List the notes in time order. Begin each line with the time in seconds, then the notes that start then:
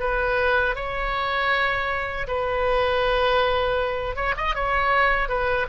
0.00 B4
0.76 C#5
2.28 B4
4.16 C#5
4.37 D#5
4.55 C#5
5.29 B4